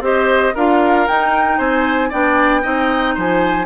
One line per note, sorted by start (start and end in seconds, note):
0.00 0.52 C4
0.00 0.54 G4
0.00 0.54 C5
0.00 0.56 D#5
0.54 1.08 D4
0.54 1.08 F4
0.54 1.58 A#4
0.54 1.07 F5
1.07 1.59 D#4
1.07 2.11 D#4
1.07 1.58 G5
1.58 2.11 C4
1.58 2.09 C5
1.58 2.11 G#5
2.09 2.64 B3
2.09 2.62 D4
2.09 2.61 D5
2.09 3.16 G5
2.62 3.17 C4
2.62 3.65 D#4
2.62 3.14 D#5
3.14 3.65 F3
3.14 3.65 C5
3.14 3.65 G#5